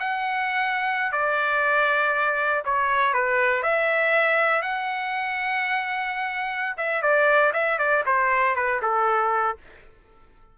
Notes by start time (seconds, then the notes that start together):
0.00 F#5
1.13 D5
2.65 C#5
3.14 B4
3.63 E5
4.62 F#5
6.78 E5
7.03 D5
7.54 E5
7.79 D5
8.07 C5
8.56 B4
8.83 A4